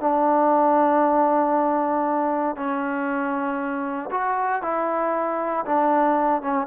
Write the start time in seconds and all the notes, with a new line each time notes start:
0.00 D4
2.56 C#4
4.11 F#4
4.62 E4
5.65 D4
6.41 C#4